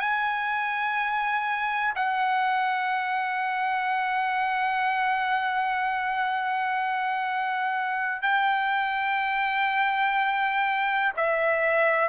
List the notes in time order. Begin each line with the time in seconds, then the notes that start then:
0.00 G#5
1.95 F#5
8.23 G5
11.17 E5